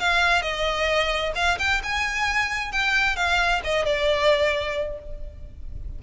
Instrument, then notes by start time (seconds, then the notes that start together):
violin
0.00 F5
0.42 D#5
1.36 F5
1.59 G5
1.83 G#5
2.73 G5
3.16 F5
3.64 D#5
3.86 D5